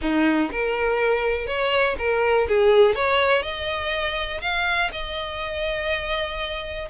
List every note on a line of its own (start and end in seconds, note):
0.01 0.50 D#4
0.51 1.46 A#4
1.46 1.95 C#5
1.98 2.47 A#4
2.48 2.95 G#4
2.95 3.42 C#5
3.42 4.40 D#5
4.41 4.90 F5
4.92 6.88 D#5